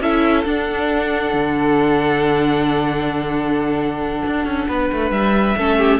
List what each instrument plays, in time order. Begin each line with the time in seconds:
0.00 cello C#4, viola E4, violin A4 E5
0.44 cello D4, viola D4, violin F#5
1.33 cello D3
4.26 cello D4
4.45 cello C#4
4.68 cello B3, violin B4
4.92 cello A3
5.11 cello G3, violin E5
5.57 cello A3, viola C#4, violin A4
5.78 violin G4